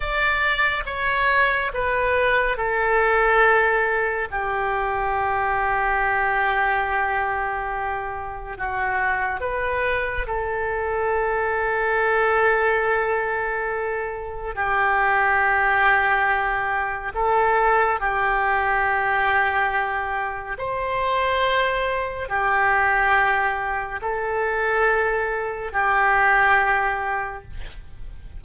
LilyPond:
\new Staff \with { instrumentName = "oboe" } { \time 4/4 \tempo 4 = 70 d''4 cis''4 b'4 a'4~ | a'4 g'2.~ | g'2 fis'4 b'4 | a'1~ |
a'4 g'2. | a'4 g'2. | c''2 g'2 | a'2 g'2 | }